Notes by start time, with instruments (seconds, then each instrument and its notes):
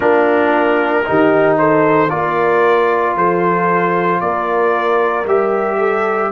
0.00 tuba A#3, trombone D4, horn F4, trumpet A#4
1.05 tuba D#3, trombone D#4, horn G4
1.57 horn A4, trumpet C5
2.09 tuba A#3, trombone F4, horn A#4, trumpet D5
3.15 tuba F3, horn A4, trumpet C5
4.20 tuba A#3, horn A#4, trumpet D5
5.25 tuba G3, trombone G4, trumpet E5
5.78 horn A4